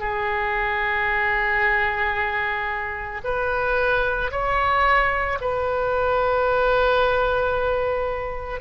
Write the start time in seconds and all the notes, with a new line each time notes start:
0.00 G#4
3.24 B4
4.31 C#5
5.42 B4